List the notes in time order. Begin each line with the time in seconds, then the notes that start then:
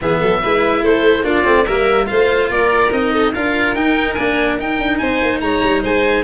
0.01 E3 B3 G#4 E5
0.19 F#3 A4
0.42 G#3 E4 B4
0.82 A3 A4 C5
1.23 A#3 D4 F4 D5
1.44 A3 C4
1.65 G3 A#3 A#4 E5
2.06 A3 F4 C5 F5
2.50 A#3 A#4 D5
2.91 C4 D#4 D#5
3.12 A4
3.33 D4 F4 A#4 F5
3.74 D#4 G5
4.13 A#3 D4 G#5
4.58 D#4 G5
4.78 D4
4.98 C4 C5 G#5
5.22 A#3
5.40 G#3 C#5 A#5
5.62 G3
5.82 G#3 C5 G#5